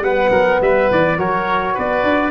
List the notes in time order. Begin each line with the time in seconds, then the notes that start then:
0.00 G3 B3 B4 F#5
0.30 F#3 A#4
0.61 G3 B4 E5
0.90 E3 D5
1.18 F#3 F#4 A#4 C#5
1.74 B3 B4 D5
2.03 D4